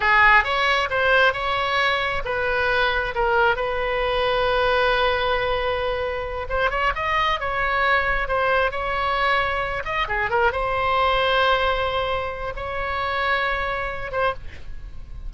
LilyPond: \new Staff \with { instrumentName = "oboe" } { \time 4/4 \tempo 4 = 134 gis'4 cis''4 c''4 cis''4~ | cis''4 b'2 ais'4 | b'1~ | b'2~ b'8 c''8 cis''8 dis''8~ |
dis''8 cis''2 c''4 cis''8~ | cis''2 dis''8 gis'8 ais'8 c''8~ | c''1 | cis''2.~ cis''8 c''8 | }